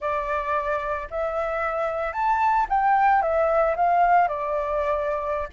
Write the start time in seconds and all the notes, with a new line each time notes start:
0.00 D5
1.10 E5
2.12 A5
2.69 G5
3.21 E5
3.76 F5
4.28 D5